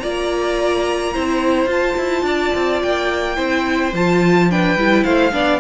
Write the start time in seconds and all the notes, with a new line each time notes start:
0.00 A#3 F4 D5 A#5
1.14 C4 E4 C5
1.66 F4 A5
1.98 E4
2.23 D4 D5
2.55 C4
2.82 A#3 G5
3.36 C4 E4 C5
3.93 F3 F4 A5
4.50 D4 B4 G5
4.76 G3 E4
5.04 A3 C5 F5
5.32 B3 D4 D5